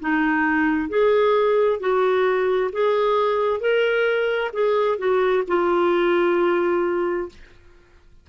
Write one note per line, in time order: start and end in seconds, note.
0.00 0.89 D#4
0.89 1.80 G#4
1.80 2.71 F#4
2.72 3.60 G#4
3.60 4.51 A#4
4.53 4.98 G#4
4.98 5.43 F#4
5.47 7.29 F4